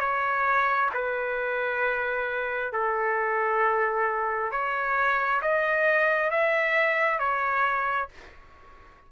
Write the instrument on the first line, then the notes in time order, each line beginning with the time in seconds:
trumpet
0.00 C#5
0.94 B4
2.72 A4
4.51 C#5
5.42 D#5
6.31 E5
7.19 C#5